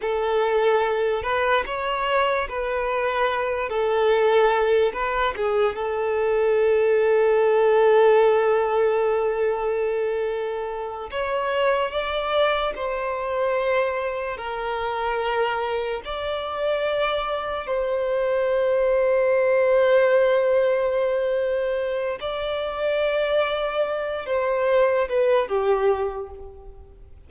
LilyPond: \new Staff \with { instrumentName = "violin" } { \time 4/4 \tempo 4 = 73 a'4. b'8 cis''4 b'4~ | b'8 a'4. b'8 gis'8 a'4~ | a'1~ | a'4. cis''4 d''4 c''8~ |
c''4. ais'2 d''8~ | d''4. c''2~ c''8~ | c''2. d''4~ | d''4. c''4 b'8 g'4 | }